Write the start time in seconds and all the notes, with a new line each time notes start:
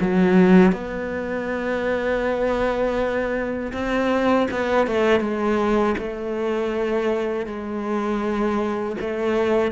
0.00 F#3
0.72 B3
3.72 C4
4.51 B3
4.86 A3
5.20 G#3
5.97 A3
7.46 G#3
9.00 A3